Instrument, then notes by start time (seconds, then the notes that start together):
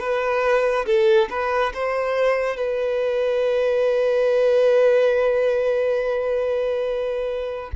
violin
0.00 B4
0.86 A4
1.30 B4
1.74 C5
2.57 B4